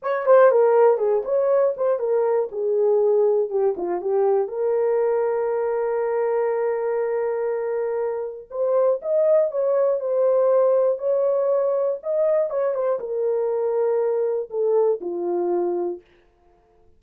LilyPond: \new Staff \with { instrumentName = "horn" } { \time 4/4 \tempo 4 = 120 cis''8 c''8 ais'4 gis'8 cis''4 c''8 | ais'4 gis'2 g'8 f'8 | g'4 ais'2.~ | ais'1~ |
ais'4 c''4 dis''4 cis''4 | c''2 cis''2 | dis''4 cis''8 c''8 ais'2~ | ais'4 a'4 f'2 | }